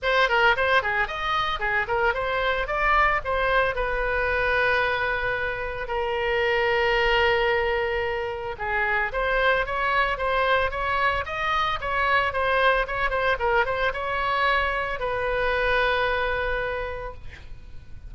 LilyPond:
\new Staff \with { instrumentName = "oboe" } { \time 4/4 \tempo 4 = 112 c''8 ais'8 c''8 gis'8 dis''4 gis'8 ais'8 | c''4 d''4 c''4 b'4~ | b'2. ais'4~ | ais'1 |
gis'4 c''4 cis''4 c''4 | cis''4 dis''4 cis''4 c''4 | cis''8 c''8 ais'8 c''8 cis''2 | b'1 | }